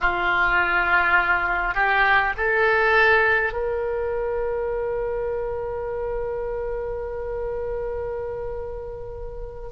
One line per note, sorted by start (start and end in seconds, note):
0.00 1.74 F4
1.74 2.33 G4
2.37 3.52 A4
3.52 9.70 A#4